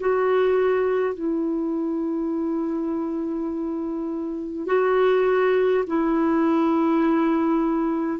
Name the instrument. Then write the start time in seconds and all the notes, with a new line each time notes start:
clarinet
0.00 F#4
1.14 E4
4.66 F#4
5.87 E4